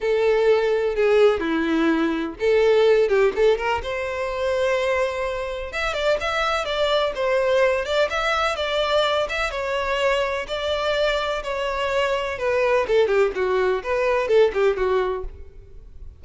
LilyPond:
\new Staff \with { instrumentName = "violin" } { \time 4/4 \tempo 4 = 126 a'2 gis'4 e'4~ | e'4 a'4. g'8 a'8 ais'8 | c''1 | e''8 d''8 e''4 d''4 c''4~ |
c''8 d''8 e''4 d''4. e''8 | cis''2 d''2 | cis''2 b'4 a'8 g'8 | fis'4 b'4 a'8 g'8 fis'4 | }